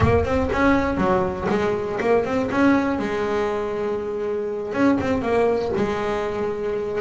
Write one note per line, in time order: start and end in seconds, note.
0.00 0.24 A#3
0.24 0.49 C4
0.52 0.97 C#4
0.97 1.47 F#3
1.49 1.99 G#3
2.00 2.24 A#3
2.24 2.49 C4
2.51 2.98 C#4
2.98 4.72 G#3
4.72 4.97 C#4
5.00 5.22 C4
5.22 5.72 A#3
5.76 7.01 G#3